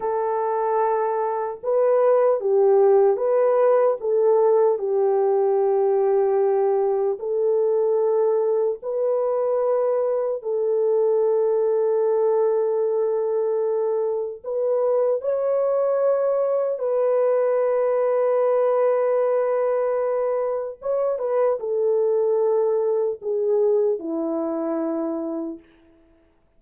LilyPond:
\new Staff \with { instrumentName = "horn" } { \time 4/4 \tempo 4 = 75 a'2 b'4 g'4 | b'4 a'4 g'2~ | g'4 a'2 b'4~ | b'4 a'2.~ |
a'2 b'4 cis''4~ | cis''4 b'2.~ | b'2 cis''8 b'8 a'4~ | a'4 gis'4 e'2 | }